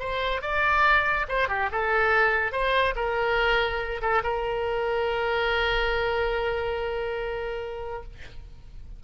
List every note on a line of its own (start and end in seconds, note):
0.00 0.42 C5
0.42 1.27 D5
1.29 1.49 C5
1.49 1.70 G4
1.72 2.52 A4
2.52 2.95 C5
2.96 4.01 A#4
4.02 4.23 A4
4.23 8.04 A#4